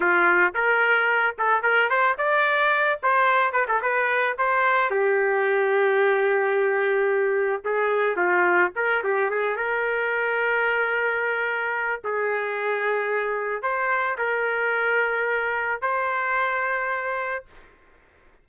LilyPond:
\new Staff \with { instrumentName = "trumpet" } { \time 4/4 \tempo 4 = 110 f'4 ais'4. a'8 ais'8 c''8 | d''4. c''4 b'16 a'16 b'4 | c''4 g'2.~ | g'2 gis'4 f'4 |
ais'8 g'8 gis'8 ais'2~ ais'8~ | ais'2 gis'2~ | gis'4 c''4 ais'2~ | ais'4 c''2. | }